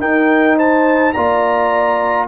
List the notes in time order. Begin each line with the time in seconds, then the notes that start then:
0.00 D#4 A#4 G5
0.57 C5 A5
1.13 A#3 F4 D5 A#5